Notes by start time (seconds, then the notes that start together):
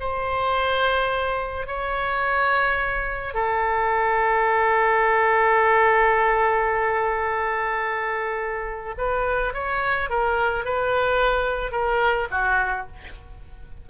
0.00 C5
1.67 C#5
3.34 A4
8.98 B4
9.54 C#5
10.10 A#4
10.65 B4
11.72 A#4
12.31 F#4